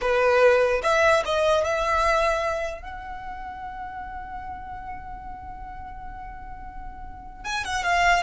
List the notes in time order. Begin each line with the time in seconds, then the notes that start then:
0.01 B4
0.83 E5
1.25 D#5
1.64 E5
2.82 F#5
7.44 G#5
7.64 F#5
7.83 F5